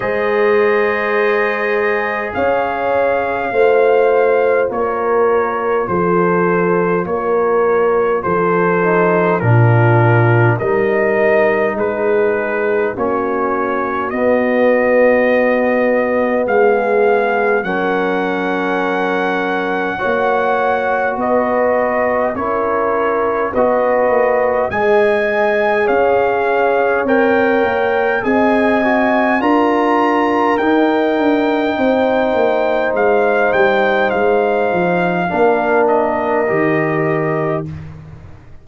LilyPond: <<
  \new Staff \with { instrumentName = "trumpet" } { \time 4/4 \tempo 4 = 51 dis''2 f''2 | cis''4 c''4 cis''4 c''4 | ais'4 dis''4 b'4 cis''4 | dis''2 f''4 fis''4~ |
fis''2 dis''4 cis''4 | dis''4 gis''4 f''4 g''4 | gis''4 ais''4 g''2 | f''8 g''8 f''4. dis''4. | }
  \new Staff \with { instrumentName = "horn" } { \time 4/4 c''2 cis''4 c''4 | ais'4 a'4 ais'4 a'4 | f'4 ais'4 gis'4 fis'4~ | fis'2 gis'4 ais'4~ |
ais'4 cis''4 b'4 ais'4 | b'4 dis''4 cis''2 | dis''4 ais'2 c''4~ | c''2 ais'2 | }
  \new Staff \with { instrumentName = "trombone" } { \time 4/4 gis'2. f'4~ | f'2.~ f'8 dis'8 | d'4 dis'2 cis'4 | b2. cis'4~ |
cis'4 fis'2 e'4 | fis'4 gis'2 ais'4 | gis'8 fis'8 f'4 dis'2~ | dis'2 d'4 g'4 | }
  \new Staff \with { instrumentName = "tuba" } { \time 4/4 gis2 cis'4 a4 | ais4 f4 ais4 f4 | ais,4 g4 gis4 ais4 | b2 gis4 fis4~ |
fis4 ais4 b4 cis'4 | b8 ais8 gis4 cis'4 c'8 ais8 | c'4 d'4 dis'8 d'8 c'8 ais8 | gis8 g8 gis8 f8 ais4 dis4 | }
>>